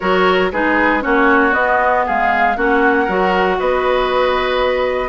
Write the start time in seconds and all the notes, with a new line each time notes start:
0.00 F#3 F#4 A#4 C#5
0.51 G#3 D#4 G#4 B4
1.00 A#3 C#4 F#4 C#5
1.51 B3 D#5
2.05 G#3 G#4 F5
2.56 A#3 C#4 F#4 F#5
3.04 F#3 F#4 A#4
3.59 B3 B4 D#5